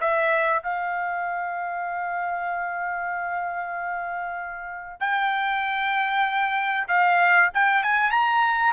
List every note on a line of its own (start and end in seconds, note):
0.00 0.62 E5
0.62 5.00 F5
5.00 6.87 G5
6.88 7.50 F5
7.53 7.83 G5
7.83 8.11 G#5
8.11 8.73 A#5